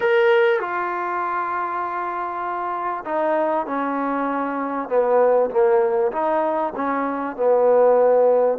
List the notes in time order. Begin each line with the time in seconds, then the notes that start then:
0.00 A#4
0.59 F4
3.05 D#4
3.66 C#4
4.88 B3
5.50 A#3
6.12 D#4
6.75 C#4
7.36 B3